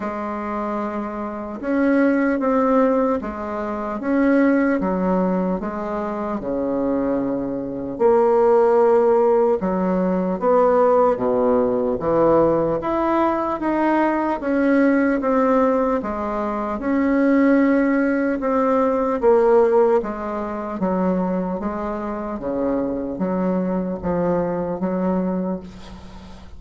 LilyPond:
\new Staff \with { instrumentName = "bassoon" } { \time 4/4 \tempo 4 = 75 gis2 cis'4 c'4 | gis4 cis'4 fis4 gis4 | cis2 ais2 | fis4 b4 b,4 e4 |
e'4 dis'4 cis'4 c'4 | gis4 cis'2 c'4 | ais4 gis4 fis4 gis4 | cis4 fis4 f4 fis4 | }